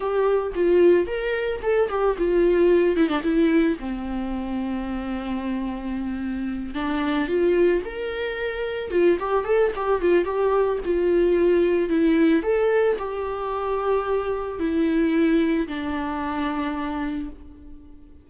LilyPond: \new Staff \with { instrumentName = "viola" } { \time 4/4 \tempo 4 = 111 g'4 f'4 ais'4 a'8 g'8 | f'4. e'16 d'16 e'4 c'4~ | c'1~ | c'8 d'4 f'4 ais'4.~ |
ais'8 f'8 g'8 a'8 g'8 f'8 g'4 | f'2 e'4 a'4 | g'2. e'4~ | e'4 d'2. | }